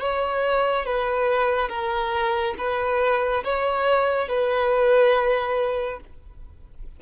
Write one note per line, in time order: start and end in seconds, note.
0.00 0.86 C#5
0.86 1.69 B4
1.69 2.54 A#4
2.58 3.44 B4
3.44 4.29 C#5
4.29 6.00 B4